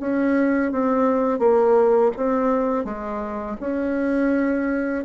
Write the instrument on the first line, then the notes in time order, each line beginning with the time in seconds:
bassoon
0.00 C#4
0.72 C4
1.40 A#3
2.17 C4
2.85 G#3
3.61 C#4